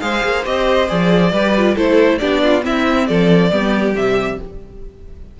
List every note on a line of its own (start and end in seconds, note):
0.00 0.23 G#3
0.00 0.44 G#4
0.00 1.31 C5
0.00 0.44 F5
0.24 0.45 A#3
0.45 0.90 C4
0.45 0.88 G4
0.45 0.89 D#5
0.88 1.31 F3
0.88 1.31 G#4
0.88 1.76 D5
1.31 1.75 G3
1.31 1.54 G4
1.31 1.75 B4
1.57 1.76 F4
1.75 2.20 A3
1.75 2.19 E4
1.75 2.18 A4
1.75 2.18 C5
2.18 2.65 B3
2.18 2.61 D4
2.18 2.42 G4
2.18 2.62 D5
2.43 2.64 F4
2.61 3.48 C4
2.61 3.09 C4
2.61 3.08 E4
2.61 3.06 E5
3.06 3.51 F3
3.06 3.52 A4
3.06 3.94 D5
3.51 3.94 G3
3.51 3.94 B3
3.51 4.40 G4
3.94 4.38 C3
3.94 4.38 G3
3.94 4.40 E5